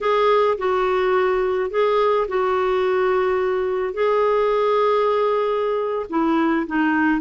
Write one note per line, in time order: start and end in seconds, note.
0.01 0.57 G#4
0.58 1.70 F#4
1.70 2.27 G#4
2.28 3.93 F#4
3.93 6.06 G#4
6.09 6.66 E4
6.66 7.20 D#4